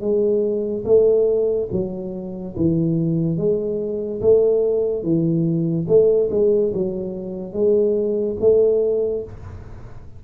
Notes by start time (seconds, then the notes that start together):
0.00 G#3
0.84 A3
1.72 F#3
2.56 E3
3.37 G#3
4.21 A3
5.03 E3
5.87 A3
6.30 G#3
6.73 F#3
7.53 G#3
8.40 A3